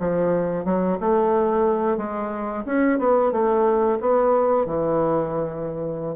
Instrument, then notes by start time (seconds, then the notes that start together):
bassoon
0.00 F3
0.65 F#3
1.00 A3
1.98 G#3
2.66 C#4
2.99 B3
3.32 A3
4.01 B3
4.66 E3